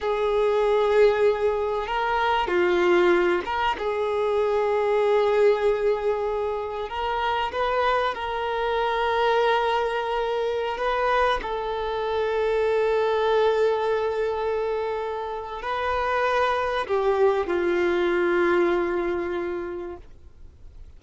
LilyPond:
\new Staff \with { instrumentName = "violin" } { \time 4/4 \tempo 4 = 96 gis'2. ais'4 | f'4. ais'8 gis'2~ | gis'2. ais'4 | b'4 ais'2.~ |
ais'4~ ais'16 b'4 a'4.~ a'16~ | a'1~ | a'4 b'2 g'4 | f'1 | }